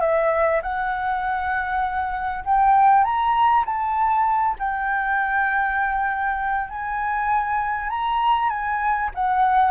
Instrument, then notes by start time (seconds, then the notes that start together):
flute
0.00 E5
0.62 F#5
2.44 G5
3.04 A#5
3.65 A5
4.58 G5
6.69 G#5
7.90 A#5
8.49 G#5
9.14 F#5